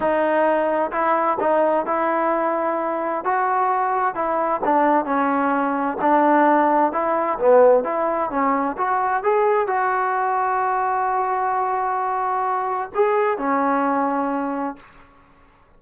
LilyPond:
\new Staff \with { instrumentName = "trombone" } { \time 4/4 \tempo 4 = 130 dis'2 e'4 dis'4 | e'2. fis'4~ | fis'4 e'4 d'4 cis'4~ | cis'4 d'2 e'4 |
b4 e'4 cis'4 fis'4 | gis'4 fis'2.~ | fis'1 | gis'4 cis'2. | }